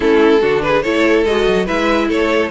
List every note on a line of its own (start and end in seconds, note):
0.00 0.42 A3
0.00 0.40 C#4
0.00 0.41 E4
0.00 0.62 A4
0.41 0.84 D3
0.41 0.84 D4
0.41 0.62 F#4
0.62 0.83 G#4
0.62 0.82 B4
0.82 1.25 A3
0.82 1.26 E4
0.82 1.65 A4
0.82 1.24 C#5
1.25 1.46 G#3
1.25 1.67 F#4
1.25 1.67 D#5
1.46 1.67 F#3
1.65 2.09 G#3
1.65 2.50 E4
1.65 2.07 B4
1.65 2.09 E5
2.08 2.50 A3
2.08 2.50 A4
2.08 2.50 C#5